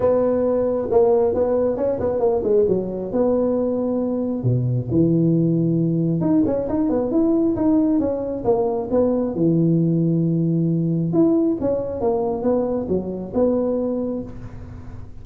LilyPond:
\new Staff \with { instrumentName = "tuba" } { \time 4/4 \tempo 4 = 135 b2 ais4 b4 | cis'8 b8 ais8 gis8 fis4 b4~ | b2 b,4 e4~ | e2 dis'8 cis'8 dis'8 b8 |
e'4 dis'4 cis'4 ais4 | b4 e2.~ | e4 e'4 cis'4 ais4 | b4 fis4 b2 | }